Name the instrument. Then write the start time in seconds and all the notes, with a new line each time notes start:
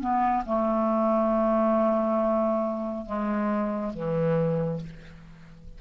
clarinet
0.00 B3
0.45 A3
3.06 G#3
3.93 E3